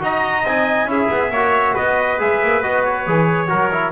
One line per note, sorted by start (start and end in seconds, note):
0.00 0.46 D#4
0.00 0.43 F#4
0.00 0.91 D#5
0.00 0.47 A#5
0.46 0.86 C4
0.46 0.87 D#4
0.46 0.91 G#5
0.86 1.08 C#4
0.86 1.31 E4
0.86 1.32 G#4
0.86 1.77 E5
1.11 1.31 B3
1.31 1.75 A#3
1.31 2.19 F#4
1.31 1.74 C#5
1.74 2.21 B3
1.74 3.48 B4
1.74 2.20 D#5
2.19 2.43 G#3
2.19 2.63 G#4
2.19 2.63 E5
2.43 2.64 A#3
2.63 3.07 B3
2.63 3.07 F#4
2.63 2.85 D#5
2.85 3.92 C#5
3.07 3.51 E3
3.07 3.48 G#4
3.48 3.92 F#3
3.48 3.70 F#4
3.48 3.92 A#4
3.72 3.92 E4